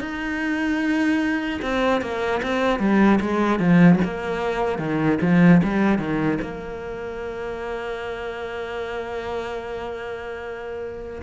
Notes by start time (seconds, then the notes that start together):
0.00 D#4
1.61 C4
2.01 A#3
2.43 C4
2.79 G3
3.20 G#3
3.59 F3
4.04 A#3
4.79 D#3
5.21 F3
5.63 G3
5.99 D#3
6.41 A#3